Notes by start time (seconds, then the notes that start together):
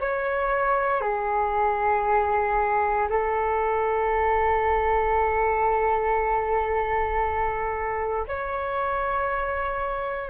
0.00 C#5
1.01 G#4
3.09 A4
8.27 C#5